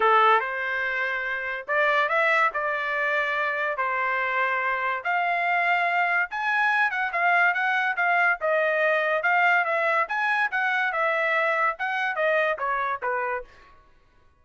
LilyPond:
\new Staff \with { instrumentName = "trumpet" } { \time 4/4 \tempo 4 = 143 a'4 c''2. | d''4 e''4 d''2~ | d''4 c''2. | f''2. gis''4~ |
gis''8 fis''8 f''4 fis''4 f''4 | dis''2 f''4 e''4 | gis''4 fis''4 e''2 | fis''4 dis''4 cis''4 b'4 | }